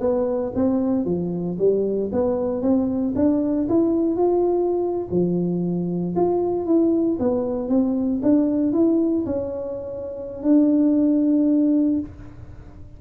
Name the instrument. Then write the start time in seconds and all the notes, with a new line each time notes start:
tuba
0.00 B3
0.55 C4
1.05 F3
1.58 G3
2.12 B3
2.61 C4
3.15 D4
3.69 E4
4.16 F4
5.10 F3
6.16 F4
6.65 E4
7.19 B3
7.68 C4
8.22 D4
8.72 E4
9.26 C#4
10.43 D4